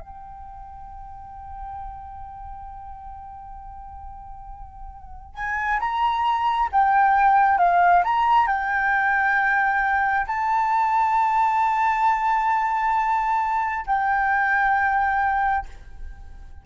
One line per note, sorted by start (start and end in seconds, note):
0.00 5.34 G5
5.34 5.79 G#5
5.79 6.69 A#5
6.72 7.58 G5
7.58 8.03 F5
8.04 8.47 A#5
8.47 10.26 G5
10.27 13.85 A5
13.86 15.66 G5